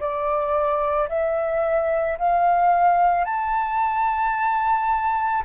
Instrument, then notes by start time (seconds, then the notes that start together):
flute
0.00 D5
1.09 E5
2.19 F5
3.25 A5